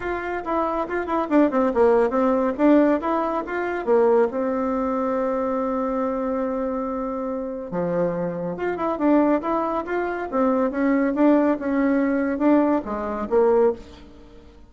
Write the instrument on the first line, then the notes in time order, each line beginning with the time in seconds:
bassoon
0.00 F4
0.44 E4
0.88 F4
1.06 E4
1.29 D4
1.50 C4
1.74 A#3
2.10 C4
2.57 D4
3.00 E4
3.46 F4
3.85 A#3
4.30 C4
7.71 F3
8.56 F4
8.76 E4
8.98 D4
9.41 E4
9.85 F4
10.31 C4
10.70 C#4
11.14 D4
11.59 C#4
12.38 D4
12.84 G#3
13.29 A#3